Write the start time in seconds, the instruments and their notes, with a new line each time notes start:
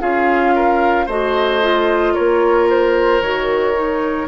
0.00 bassoon C#4, clarinet F4, oboe G#4, flute F5
0.56 oboe A#4
1.06 bassoon A3, clarinet F#4, oboe C5, flute D#5
1.62 clarinet F4
2.14 bassoon A#3, oboe A#4, flute C#5
2.70 flute C5
3.21 bassoon D#3, clarinet F#4, flute C#5
3.74 clarinet D#4